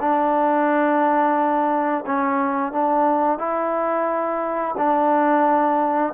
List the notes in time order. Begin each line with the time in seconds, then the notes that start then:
0.00 D4
2.06 C#4
2.72 D4
3.39 E4
4.77 D4